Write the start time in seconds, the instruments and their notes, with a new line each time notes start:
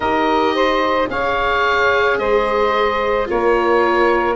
0.00 tuba D#4, viola G4, saxophone A#4, oboe D#5
0.54 saxophone C5
1.08 tuba C#4, viola G#4, saxophone C#5, oboe F5
2.18 tuba G#3, saxophone C5, oboe D#5
3.26 tuba A#3, viola F4, saxophone A#4, oboe C#5